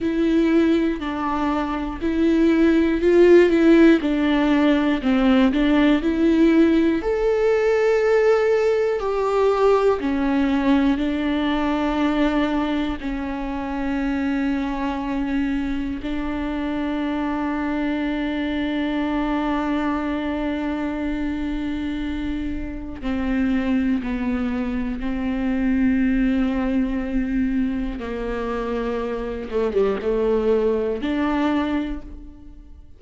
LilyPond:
\new Staff \with { instrumentName = "viola" } { \time 4/4 \tempo 4 = 60 e'4 d'4 e'4 f'8 e'8 | d'4 c'8 d'8 e'4 a'4~ | a'4 g'4 cis'4 d'4~ | d'4 cis'2. |
d'1~ | d'2. c'4 | b4 c'2. | ais4. a16 g16 a4 d'4 | }